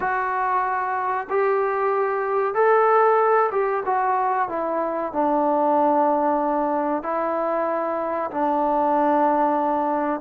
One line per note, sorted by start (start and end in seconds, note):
0.00 1.27 F#4
1.29 2.54 G4
2.54 3.50 A4
3.51 3.83 G4
3.85 4.49 F#4
4.49 5.12 E4
5.12 7.02 D4
7.02 8.30 E4
8.31 10.20 D4